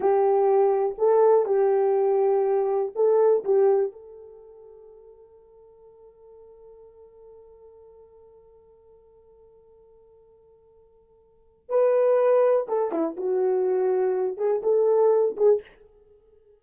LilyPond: \new Staff \with { instrumentName = "horn" } { \time 4/4 \tempo 4 = 123 g'2 a'4 g'4~ | g'2 a'4 g'4 | a'1~ | a'1~ |
a'1~ | a'1 | b'2 a'8 e'8 fis'4~ | fis'4. gis'8 a'4. gis'8 | }